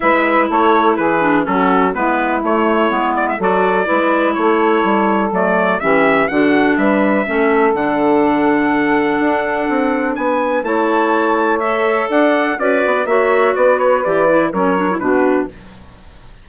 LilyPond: <<
  \new Staff \with { instrumentName = "trumpet" } { \time 4/4 \tempo 4 = 124 e''4 cis''4 b'4 a'4 | b'4 cis''4. d''16 e''16 d''4~ | d''4 cis''2 d''4 | e''4 fis''4 e''2 |
fis''1~ | fis''4 gis''4 a''2 | e''4 fis''4 d''4 e''4 | d''8 cis''8 d''4 cis''4 b'4 | }
  \new Staff \with { instrumentName = "saxophone" } { \time 4/4 b'4 a'4 gis'4 fis'4 | e'2. a'4 | b'4 a'2. | g'4 fis'4 b'4 a'4~ |
a'1~ | a'4 b'4 cis''2~ | cis''4 d''4 fis'4 cis''4 | b'2 ais'4 fis'4 | }
  \new Staff \with { instrumentName = "clarinet" } { \time 4/4 e'2~ e'8 d'8 cis'4 | b4 a4 b4 fis'4 | e'2. a4 | cis'4 d'2 cis'4 |
d'1~ | d'2 e'2 | a'2 b'4 fis'4~ | fis'4 g'8 e'8 cis'8 d'16 e'16 d'4 | }
  \new Staff \with { instrumentName = "bassoon" } { \time 4/4 gis4 a4 e4 fis4 | gis4 a4 gis4 fis4 | gis4 a4 g4 fis4 | e4 d4 g4 a4 |
d2. d'4 | c'4 b4 a2~ | a4 d'4 cis'8 b8 ais4 | b4 e4 fis4 b,4 | }
>>